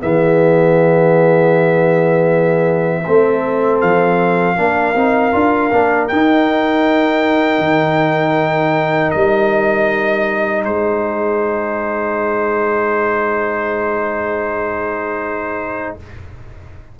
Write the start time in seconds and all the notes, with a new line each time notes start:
0.00 E3 B3 G#4 E5
3.06 A3 C4 A4
3.81 F3 F5
4.56 A#3 D4 A#4
4.95 C4 D#4
5.32 D4 F4
5.72 A#3 D4
6.08 D#4 G5
7.58 D#3
9.10 G3 D#5
10.64 G#3 G#4 C5